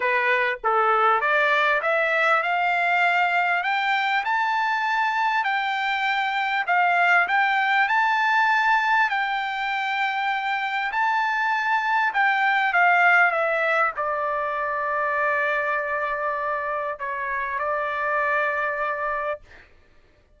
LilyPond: \new Staff \with { instrumentName = "trumpet" } { \time 4/4 \tempo 4 = 99 b'4 a'4 d''4 e''4 | f''2 g''4 a''4~ | a''4 g''2 f''4 | g''4 a''2 g''4~ |
g''2 a''2 | g''4 f''4 e''4 d''4~ | d''1 | cis''4 d''2. | }